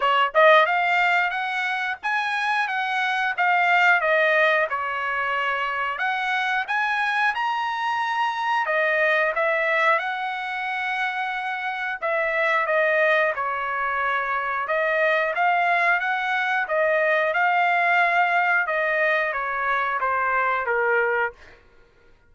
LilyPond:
\new Staff \with { instrumentName = "trumpet" } { \time 4/4 \tempo 4 = 90 cis''8 dis''8 f''4 fis''4 gis''4 | fis''4 f''4 dis''4 cis''4~ | cis''4 fis''4 gis''4 ais''4~ | ais''4 dis''4 e''4 fis''4~ |
fis''2 e''4 dis''4 | cis''2 dis''4 f''4 | fis''4 dis''4 f''2 | dis''4 cis''4 c''4 ais'4 | }